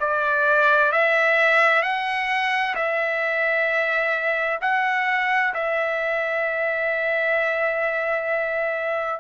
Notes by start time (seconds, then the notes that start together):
0.00 D5
0.92 E5
1.83 F#5
2.75 E5
4.61 F#5
5.54 E5